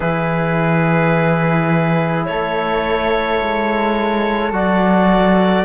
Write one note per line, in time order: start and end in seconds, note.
0.00 2.27 E3
0.00 4.52 E4
0.00 2.26 G#4
0.00 2.25 B4
2.25 3.41 A3
2.25 5.64 A4
2.25 4.52 C#5
3.41 4.52 G#3
4.52 5.64 F#3
4.52 5.64 F#4
4.52 5.64 D5